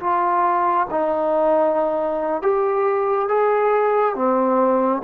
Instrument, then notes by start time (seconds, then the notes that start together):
trombone
0.00 F4
0.91 D#4
2.42 G4
3.28 G#4
4.15 C4